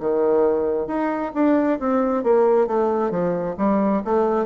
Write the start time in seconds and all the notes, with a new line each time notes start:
0.00 D#3
0.88 D#4
1.34 D4
1.80 C4
2.24 A#3
2.67 A3
3.11 F3
3.58 G3
4.05 A3